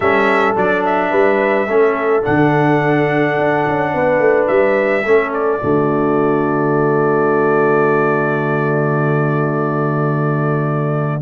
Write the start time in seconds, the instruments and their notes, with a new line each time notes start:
0.00 tuba G3, trombone C#4, horn A4, trumpet E5
0.55 tuba F#3, trombone D4, trumpet D5
0.85 trumpet E5
1.10 tuba G3, horn B4
1.67 tuba A3, trombone C#4, horn A4
2.21 tuba D3, trombone D4, trumpet F#5
3.38 tuba D4
3.66 tuba C#4
3.94 tuba B3, horn B4
4.19 tuba A3
4.47 tuba G3, trumpet E5
5.04 tuba A3, trombone C#4, horn A4
5.33 trumpet D5
5.61 tuba D3, trombone A3, horn F#4